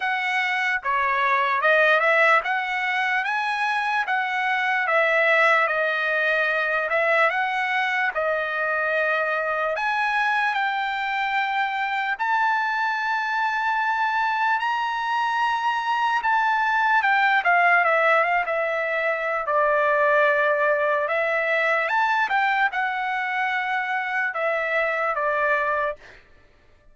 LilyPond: \new Staff \with { instrumentName = "trumpet" } { \time 4/4 \tempo 4 = 74 fis''4 cis''4 dis''8 e''8 fis''4 | gis''4 fis''4 e''4 dis''4~ | dis''8 e''8 fis''4 dis''2 | gis''4 g''2 a''4~ |
a''2 ais''2 | a''4 g''8 f''8 e''8 f''16 e''4~ e''16 | d''2 e''4 a''8 g''8 | fis''2 e''4 d''4 | }